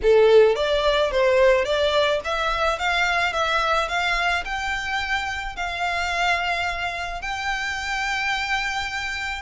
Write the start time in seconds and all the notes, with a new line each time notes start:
0.02 A4
0.55 D5
1.11 C5
1.65 D5
2.24 E5
2.78 F5
3.32 E5
3.88 F5
4.44 G5
5.56 F5
7.21 G5